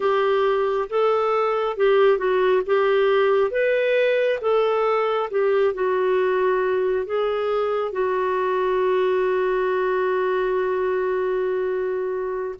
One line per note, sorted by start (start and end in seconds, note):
0.00 0.88 G4
0.89 1.76 A4
1.76 2.18 G4
2.18 2.62 F#4
2.66 3.51 G4
3.51 4.39 B4
4.41 5.29 A4
5.30 5.74 G4
5.74 7.05 F#4
7.05 7.92 G#4
7.92 12.55 F#4